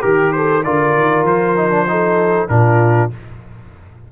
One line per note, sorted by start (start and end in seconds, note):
0.00 0.66 D#3
0.00 0.62 G4
0.00 0.35 G4
0.00 0.32 A#4
0.32 0.64 A4
0.32 0.63 C5
0.63 0.95 D3
0.63 1.56 F4
0.63 1.88 A#4
0.63 1.25 D5
0.95 1.23 D#3
1.23 2.47 F3
1.23 2.48 C5
1.56 1.71 D#4
1.71 1.86 D4
1.88 2.48 D#4
1.88 2.50 A4
2.48 3.10 A#2
2.48 3.10 D4
2.48 3.11 F4
2.48 3.10 A#4